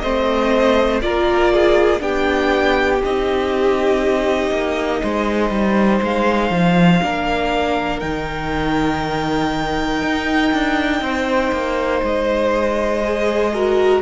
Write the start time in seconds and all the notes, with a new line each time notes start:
0.00 A3 C4 C5 D#5
1.02 A#3 F4 A#4 D5
1.54 G#4
2.00 B3 D4 G4 G5
3.05 C4 D#4 D#5
4.51 A#3
5.03 G#3 C5
5.51 G3
6.03 G#3 F5
6.51 F3
7.02 A#3 D4 A#4
8.00 D#3 D#4 G5
10.03 D#4
10.53 D4
11.02 C4 C5
11.53 A#3
12.03 G#3 D#5
13.04 G#4
13.53 F#4 A#4